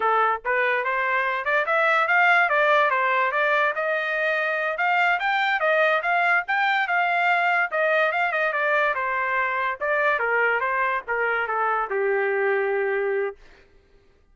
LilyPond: \new Staff \with { instrumentName = "trumpet" } { \time 4/4 \tempo 4 = 144 a'4 b'4 c''4. d''8 | e''4 f''4 d''4 c''4 | d''4 dis''2~ dis''8 f''8~ | f''8 g''4 dis''4 f''4 g''8~ |
g''8 f''2 dis''4 f''8 | dis''8 d''4 c''2 d''8~ | d''8 ais'4 c''4 ais'4 a'8~ | a'8 g'2.~ g'8 | }